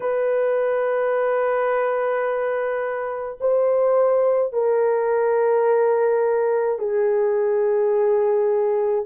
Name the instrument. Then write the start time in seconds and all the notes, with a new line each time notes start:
horn
0.00 B4
3.40 C5
4.53 A#4
6.78 G#4